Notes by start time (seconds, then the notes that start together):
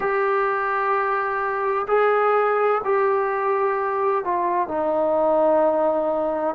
0.00 G4
1.87 G#4
2.84 G4
4.24 F4
4.68 D#4